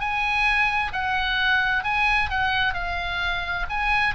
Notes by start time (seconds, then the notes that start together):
0.00 G#5
0.93 F#5
1.84 G#5
2.30 F#5
2.74 F5
3.70 G#5